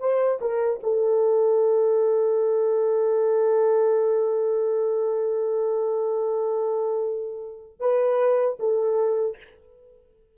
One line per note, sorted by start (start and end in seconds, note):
0.00 0.39 C5
0.41 0.80 A#4
0.83 7.80 A4
7.80 8.58 B4
8.60 9.38 A4